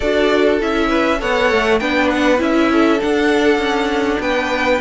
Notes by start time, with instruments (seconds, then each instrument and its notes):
0.00 cello D4, viola F#4, violin A4 D5
0.60 cello C#4, viola E4, violin E5
0.88 violin B4
1.19 cello B3, viola A4, violin C#5 F#5
1.51 cello A3
1.79 cello B3, viola D4, violin B4 G5
2.10 violin F#5
2.38 cello C#4, viola E4, violin E5
2.71 violin A4
3.00 viola D4, cello D4, violin F#5
3.58 cello C#4
4.19 cello B3, violin B4 G5